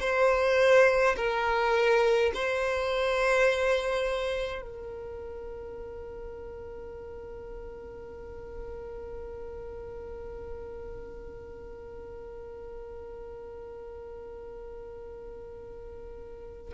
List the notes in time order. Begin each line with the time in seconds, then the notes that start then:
0.00 C5
1.16 A#4
2.34 C5
4.61 A#4